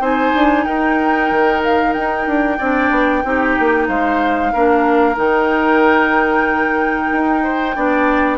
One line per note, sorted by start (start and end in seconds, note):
0.00 0.32 C4
0.00 2.58 D#4
0.00 0.65 C5
0.00 0.65 G#5
0.35 0.66 D4
0.65 1.31 D#4
0.65 2.58 A#4
0.65 1.61 G5
1.31 1.96 D#3
1.64 1.93 F5
1.93 2.27 D#4
1.93 3.86 G5
2.27 2.59 D4
2.58 2.91 C4
2.58 3.24 D4
2.58 3.22 D5
2.91 3.23 B3
3.24 3.57 C4
3.24 4.53 D#4
3.24 3.88 G4
3.59 3.88 A#3
3.88 4.53 G#3
3.88 4.53 C5
3.88 5.17 F5
4.53 5.17 A#3
4.53 5.15 D4
4.53 7.43 A#4
5.15 7.11 D#3
5.15 7.73 D#4
5.15 8.38 G5
7.12 7.76 D#4
7.43 7.76 C5
7.76 8.38 B3
7.76 8.38 D4
7.76 8.38 D5